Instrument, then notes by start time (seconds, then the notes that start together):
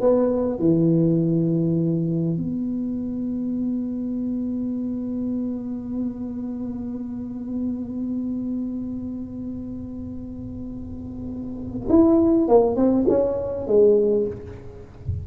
tuba
0.00 B3
0.59 E3
2.37 B3
11.89 E4
12.48 A#3
12.76 C4
13.08 C#4
13.67 G#3